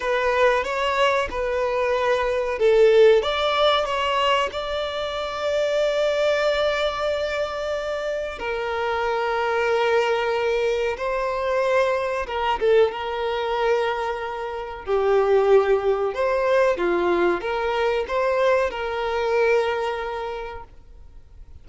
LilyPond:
\new Staff \with { instrumentName = "violin" } { \time 4/4 \tempo 4 = 93 b'4 cis''4 b'2 | a'4 d''4 cis''4 d''4~ | d''1~ | d''4 ais'2.~ |
ais'4 c''2 ais'8 a'8 | ais'2. g'4~ | g'4 c''4 f'4 ais'4 | c''4 ais'2. | }